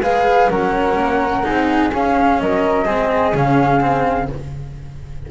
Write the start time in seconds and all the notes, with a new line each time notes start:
0.00 G#3 G#4 B4 F5
0.49 F#3 C#4 A#4 F#5
0.96 A#3
1.43 C4 D#4 G#4
1.92 C#4 F5
2.40 F#3 A#4 D#5
2.85 G#3 C4 G#4
3.33 C#3 C#4 F5
3.80 C4